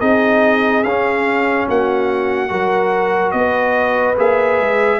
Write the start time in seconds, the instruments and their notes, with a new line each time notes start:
0.00 tuba C4, trombone D#4, horn G#4, trumpet D#5
0.84 tuba C#4, trombone C#4, trumpet F5
1.67 tuba A#3, horn F#4, trumpet F#5
2.48 tuba F#3, trombone F#4, horn A#4
3.31 tuba B3, horn B4, trumpet D#5
4.18 tuba A#3, trombone G#4, trumpet E5
4.59 tuba G#3